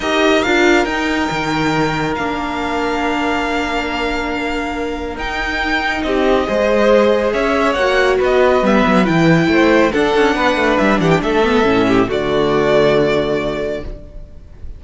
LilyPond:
<<
  \new Staff \with { instrumentName = "violin" } { \time 4/4 \tempo 4 = 139 dis''4 f''4 g''2~ | g''4 f''2.~ | f''1 | g''2 dis''2~ |
dis''4 e''4 fis''4 dis''4 | e''4 g''2 fis''4~ | fis''4 e''8 fis''16 g''16 e''2 | d''1 | }
  \new Staff \with { instrumentName = "violin" } { \time 4/4 ais'1~ | ais'1~ | ais'1~ | ais'2 g'4 c''4~ |
c''4 cis''2 b'4~ | b'2 c''4 a'4 | b'4. g'8 a'4. g'8 | fis'1 | }
  \new Staff \with { instrumentName = "viola" } { \time 4/4 g'4 f'4 dis'2~ | dis'4 d'2.~ | d'1 | dis'2. gis'4~ |
gis'2 fis'2 | b4 e'2 d'4~ | d'2~ d'8 b8 cis'4 | a1 | }
  \new Staff \with { instrumentName = "cello" } { \time 4/4 dis'4 d'4 dis'4 dis4~ | dis4 ais2.~ | ais1 | dis'2 c'4 gis4~ |
gis4 cis'4 ais4 b4 | g8 fis8 e4 a4 d'8 cis'8 | b8 a8 g8 e8 a4 a,4 | d1 | }
>>